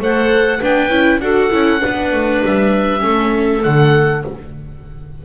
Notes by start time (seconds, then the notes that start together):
0.00 A3 A4 C5 F#5
0.59 B3 D4 B4 G5
0.89 C#4 E4
1.21 D4 F#4 A4 F#5
1.51 C#4 E4
1.80 B3 D4 B4
2.13 A3
2.45 G3 E5
3.00 A3 C#4 A4
3.61 D3 A3 F#5